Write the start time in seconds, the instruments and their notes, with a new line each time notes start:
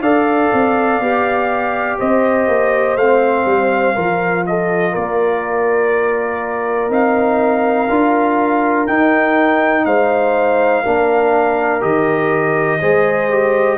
0.00 tuba D4, trombone A4, horn D5, trumpet F5
0.53 tuba C4
0.99 tuba B3, trombone G4
1.98 tuba C4, horn C5, trumpet D#5
2.47 tuba A#3
2.95 tuba A3, trombone C4, trumpet F5
3.45 tuba G3
3.94 tuba F3, trombone F4, horn A#4
4.46 horn A4, trumpet D#5
4.92 tuba A#3, horn A#4, trumpet D5
6.89 tuba C4, trombone D#4, trumpet F5
7.89 tuba D4, trombone F4
8.86 trombone D#4, tuba D#4, trumpet G5
9.85 tuba G#3, horn C5, trumpet F5
10.83 tuba A#3, trombone D4, horn A#4
11.80 tuba D#3, trombone G4, trumpet D#5
12.80 tuba G#3, trombone G#4, horn C5
13.30 trombone G4